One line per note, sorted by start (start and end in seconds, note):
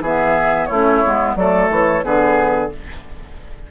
0.00 0.67 E3
0.00 0.71 B3
0.00 0.68 G#4
0.00 0.66 E5
0.66 1.04 A3
0.66 1.35 E4
0.66 1.33 C#5
0.72 1.04 C#4
1.04 1.35 G#3
1.04 1.37 B3
1.35 1.69 F#3
1.35 2.03 A3
1.35 2.05 A4
1.35 1.69 D5
1.70 2.04 E3
1.70 2.04 C#5
2.03 2.71 D3
2.03 2.69 B3
2.03 2.71 G#4
2.03 2.71 B4